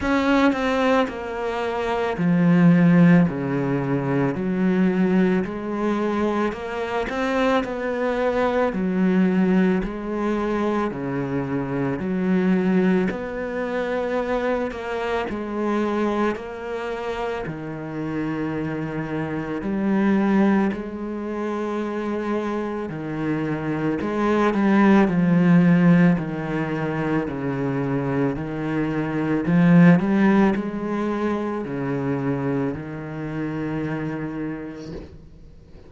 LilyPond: \new Staff \with { instrumentName = "cello" } { \time 4/4 \tempo 4 = 55 cis'8 c'8 ais4 f4 cis4 | fis4 gis4 ais8 c'8 b4 | fis4 gis4 cis4 fis4 | b4. ais8 gis4 ais4 |
dis2 g4 gis4~ | gis4 dis4 gis8 g8 f4 | dis4 cis4 dis4 f8 g8 | gis4 cis4 dis2 | }